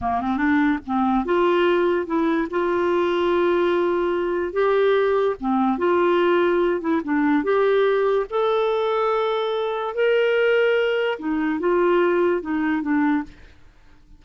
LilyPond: \new Staff \with { instrumentName = "clarinet" } { \time 4/4 \tempo 4 = 145 ais8 c'8 d'4 c'4 f'4~ | f'4 e'4 f'2~ | f'2. g'4~ | g'4 c'4 f'2~ |
f'8 e'8 d'4 g'2 | a'1 | ais'2. dis'4 | f'2 dis'4 d'4 | }